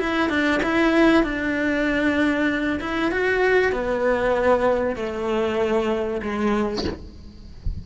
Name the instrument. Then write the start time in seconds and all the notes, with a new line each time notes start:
cello
0.00 E4
0.30 D4
0.64 E4
1.24 D4
2.80 E4
3.12 F#4
3.72 B3
4.96 A3
6.23 G#3